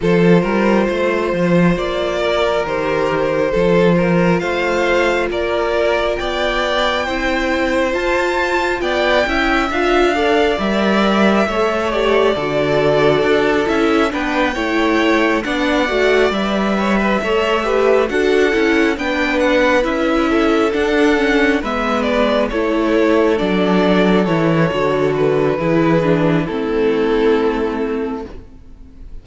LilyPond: <<
  \new Staff \with { instrumentName = "violin" } { \time 4/4 \tempo 4 = 68 c''2 d''4 c''4~ | c''4 f''4 d''4 g''4~ | g''4 a''4 g''4 f''4 | e''4. d''2 e''8 |
g''4. fis''4 e''4.~ | e''8 fis''4 g''8 fis''8 e''4 fis''8~ | fis''8 e''8 d''8 cis''4 d''4 cis''8~ | cis''8 b'4. a'2 | }
  \new Staff \with { instrumentName = "violin" } { \time 4/4 a'8 ais'8 c''4. ais'4. | a'8 ais'8 c''4 ais'4 d''4 | c''2 d''8 e''4 d''8~ | d''4 cis''4 a'2 |
b'8 cis''4 d''4. cis''16 b'16 cis''8 | b'8 a'4 b'4. a'4~ | a'8 b'4 a'2~ a'8~ | a'4 gis'4 e'2 | }
  \new Staff \with { instrumentName = "viola" } { \time 4/4 f'2. g'4 | f'1 | e'4 f'4. e'8 f'8 a'8 | ais'4 a'8 g'8 fis'4. e'8 |
d'8 e'4 d'8 fis'8 b'4 a'8 | g'8 fis'8 e'8 d'4 e'4 d'8 | cis'8 b4 e'4 d'4 e'8 | fis'4 e'8 d'8 c'2 | }
  \new Staff \with { instrumentName = "cello" } { \time 4/4 f8 g8 a8 f8 ais4 dis4 | f4 a4 ais4 b4 | c'4 f'4 b8 cis'8 d'4 | g4 a4 d4 d'8 cis'8 |
b8 a4 b8 a8 g4 a8~ | a8 d'8 cis'8 b4 cis'4 d'8~ | d'8 gis4 a4 fis4 e8 | d4 e4 a2 | }
>>